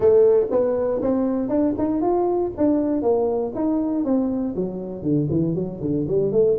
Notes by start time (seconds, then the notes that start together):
0.00 A3
0.50 B3
1.01 C4
1.48 D4
1.78 D#4
2.01 F4
2.57 D4
3.02 A#3
3.54 D#4
4.04 C4
4.55 F#3
5.02 D3
5.30 E3
5.54 F#3
5.81 D3
6.08 G3
6.32 A3